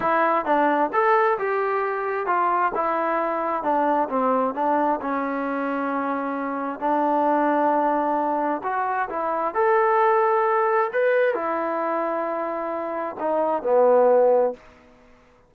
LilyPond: \new Staff \with { instrumentName = "trombone" } { \time 4/4 \tempo 4 = 132 e'4 d'4 a'4 g'4~ | g'4 f'4 e'2 | d'4 c'4 d'4 cis'4~ | cis'2. d'4~ |
d'2. fis'4 | e'4 a'2. | b'4 e'2.~ | e'4 dis'4 b2 | }